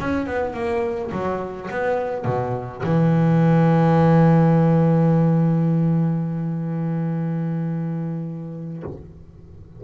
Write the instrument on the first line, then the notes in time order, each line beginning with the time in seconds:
double bass
0.00 C#4
0.26 B3
0.54 A#3
1.12 F#3
1.71 B3
2.25 B2
2.83 E3